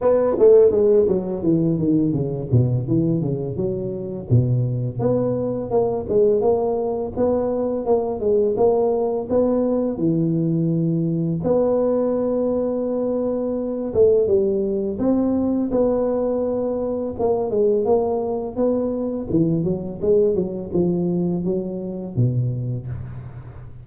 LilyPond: \new Staff \with { instrumentName = "tuba" } { \time 4/4 \tempo 4 = 84 b8 a8 gis8 fis8 e8 dis8 cis8 b,8 | e8 cis8 fis4 b,4 b4 | ais8 gis8 ais4 b4 ais8 gis8 | ais4 b4 e2 |
b2.~ b8 a8 | g4 c'4 b2 | ais8 gis8 ais4 b4 e8 fis8 | gis8 fis8 f4 fis4 b,4 | }